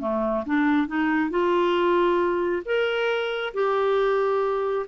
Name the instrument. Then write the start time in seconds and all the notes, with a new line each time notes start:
clarinet
0.00 A3
0.46 D4
0.87 D#4
1.30 F4
2.65 A#4
3.54 G4